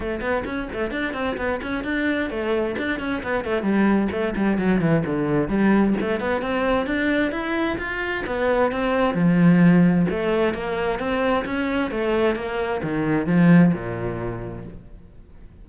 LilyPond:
\new Staff \with { instrumentName = "cello" } { \time 4/4 \tempo 4 = 131 a8 b8 cis'8 a8 d'8 c'8 b8 cis'8 | d'4 a4 d'8 cis'8 b8 a8 | g4 a8 g8 fis8 e8 d4 | g4 a8 b8 c'4 d'4 |
e'4 f'4 b4 c'4 | f2 a4 ais4 | c'4 cis'4 a4 ais4 | dis4 f4 ais,2 | }